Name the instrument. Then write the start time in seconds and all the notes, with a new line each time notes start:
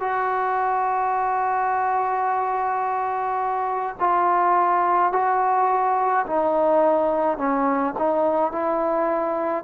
trombone
0.00 F#4
4.00 F4
5.13 F#4
6.27 D#4
7.38 C#4
7.99 D#4
8.52 E4